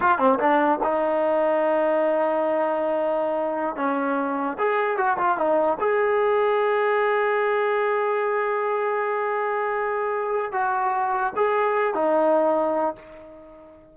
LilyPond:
\new Staff \with { instrumentName = "trombone" } { \time 4/4 \tempo 4 = 148 f'8 c'8 d'4 dis'2~ | dis'1~ | dis'4~ dis'16 cis'2 gis'8.~ | gis'16 fis'8 f'8 dis'4 gis'4.~ gis'16~ |
gis'1~ | gis'1~ | gis'2 fis'2 | gis'4. dis'2~ dis'8 | }